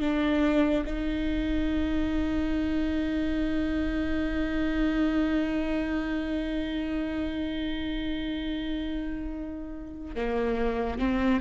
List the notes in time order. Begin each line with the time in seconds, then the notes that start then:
0.00 D4
0.86 D#4
10.15 A#3
10.99 C4